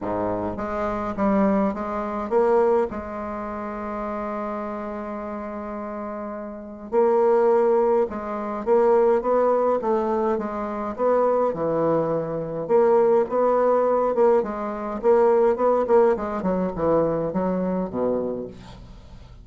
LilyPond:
\new Staff \with { instrumentName = "bassoon" } { \time 4/4 \tempo 4 = 104 gis,4 gis4 g4 gis4 | ais4 gis2.~ | gis1 | ais2 gis4 ais4 |
b4 a4 gis4 b4 | e2 ais4 b4~ | b8 ais8 gis4 ais4 b8 ais8 | gis8 fis8 e4 fis4 b,4 | }